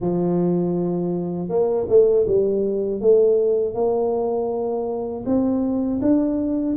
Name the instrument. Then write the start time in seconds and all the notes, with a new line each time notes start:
tuba
0.00 F3
1.49 A#3
1.89 A3
2.27 G3
3.00 A3
3.74 A#3
5.25 C4
6.01 D4